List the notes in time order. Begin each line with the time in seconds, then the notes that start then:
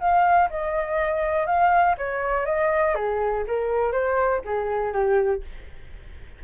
0.00 F5
0.50 D#5
1.47 F5
1.98 C#5
2.46 D#5
2.95 G#4
3.47 A#4
3.92 C5
4.45 G#4
4.93 G4